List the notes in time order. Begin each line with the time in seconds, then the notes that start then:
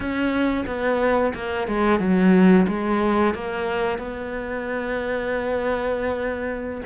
0.00 C#4
0.66 B3
1.34 A#3
1.67 G#3
1.99 F#3
2.67 G#3
3.34 A#3
3.98 B3